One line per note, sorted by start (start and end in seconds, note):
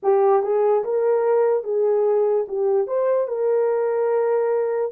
0.02 0.42 G4
0.42 0.83 G#4
0.84 1.63 A#4
1.63 2.45 G#4
2.48 2.87 G4
2.87 3.27 C5
3.27 4.91 A#4